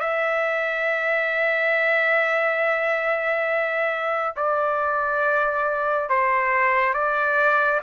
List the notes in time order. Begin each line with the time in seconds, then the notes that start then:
0.00 E5
4.36 D5
6.09 C5
6.93 D5